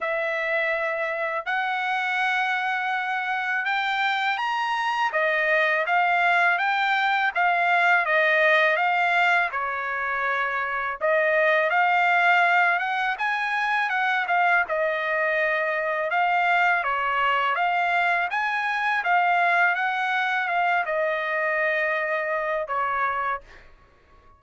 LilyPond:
\new Staff \with { instrumentName = "trumpet" } { \time 4/4 \tempo 4 = 82 e''2 fis''2~ | fis''4 g''4 ais''4 dis''4 | f''4 g''4 f''4 dis''4 | f''4 cis''2 dis''4 |
f''4. fis''8 gis''4 fis''8 f''8 | dis''2 f''4 cis''4 | f''4 gis''4 f''4 fis''4 | f''8 dis''2~ dis''8 cis''4 | }